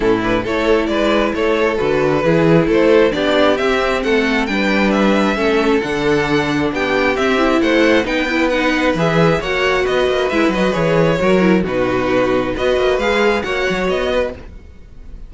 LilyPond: <<
  \new Staff \with { instrumentName = "violin" } { \time 4/4 \tempo 4 = 134 a'8 b'8 cis''4 d''4 cis''4 | b'2 c''4 d''4 | e''4 fis''4 g''4 e''4~ | e''4 fis''2 g''4 |
e''4 fis''4 g''4 fis''4 | e''4 fis''4 dis''4 e''8 dis''8 | cis''2 b'2 | dis''4 f''4 fis''4 dis''4 | }
  \new Staff \with { instrumentName = "violin" } { \time 4/4 e'4 a'4 b'4 a'4~ | a'4 gis'4 a'4 g'4~ | g'4 a'4 b'2 | a'2. g'4~ |
g'4 c''4 b'2~ | b'4 cis''4 b'2~ | b'4 ais'4 fis'2 | b'2 cis''4. b'8 | }
  \new Staff \with { instrumentName = "viola" } { \time 4/4 cis'8 d'8 e'2. | fis'4 e'2 d'4 | c'2 d'2 | cis'4 d'2. |
c'8 e'4. dis'8 e'8 dis'4 | gis'4 fis'2 e'8 fis'8 | gis'4 fis'8 e'8 dis'2 | fis'4 gis'4 fis'2 | }
  \new Staff \with { instrumentName = "cello" } { \time 4/4 a,4 a4 gis4 a4 | d4 e4 a4 b4 | c'4 a4 g2 | a4 d2 b4 |
c'4 a4 b2 | e4 ais4 b8 ais8 gis8 fis8 | e4 fis4 b,2 | b8 ais8 gis4 ais8 fis8 b4 | }
>>